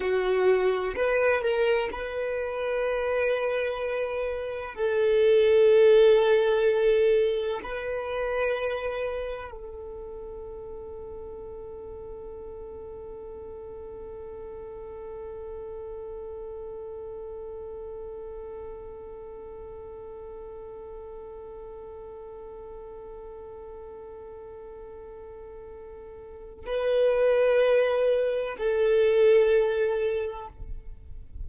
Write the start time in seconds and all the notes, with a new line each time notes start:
0.00 F#4
0.95 B4
1.41 A#4
1.92 B4
4.74 A4
7.63 B4
9.51 A4
26.66 B4
28.57 A4